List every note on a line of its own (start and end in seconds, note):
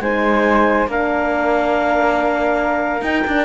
0.00 0.86 G#3
0.00 0.89 D#4
0.00 0.89 C5
0.00 0.88 G#5
0.86 3.02 A#3
0.86 3.02 D4
0.86 3.44 A#4
0.86 3.03 F5
3.02 3.23 D#4
3.02 3.24 D#4
3.02 3.44 G5
3.27 3.44 D4